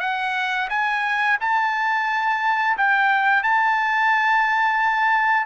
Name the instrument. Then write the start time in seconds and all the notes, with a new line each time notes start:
trumpet
0.00 F#5
0.69 G#5
1.41 A5
2.77 G5
3.43 A5